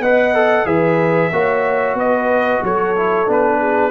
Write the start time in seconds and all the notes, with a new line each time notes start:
0.00 B3 B4 D#5 F#5
0.34 A4
0.66 E3 G#4 B4 E5
1.32 A#3 F#4 C#5
1.95 B3 B4 D#5
2.62 F#3 A4 C#5
2.97 E4
3.26 B3 D4 B4
3.60 G#4